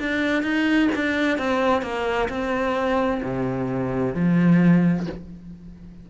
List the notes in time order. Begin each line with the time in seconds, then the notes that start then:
0.00 D4
0.43 D#4
0.95 D4
1.38 C4
1.83 A#3
2.29 C4
3.23 C3
4.15 F3